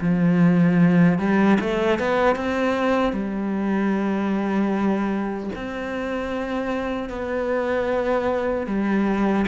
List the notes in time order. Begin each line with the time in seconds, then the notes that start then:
0.00 F3
1.18 G3
1.60 A3
1.99 B3
2.36 C4
3.13 G3
5.55 C4
7.09 B3
8.66 G3